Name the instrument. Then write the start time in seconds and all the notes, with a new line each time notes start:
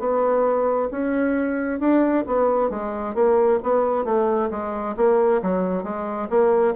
bassoon
0.00 B3
0.91 C#4
1.80 D4
2.27 B3
2.70 G#3
3.15 A#3
3.63 B3
4.05 A3
4.51 G#3
4.97 A#3
5.43 F#3
5.84 G#3
6.30 A#3